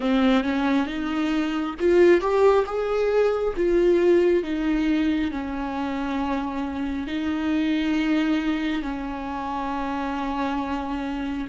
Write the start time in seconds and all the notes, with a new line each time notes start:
0.00 C4
0.43 C#4
0.86 D#4
1.79 F4
2.21 G4
2.66 G#4
3.56 F4
4.43 D#4
5.31 C#4
7.07 D#4
8.82 C#4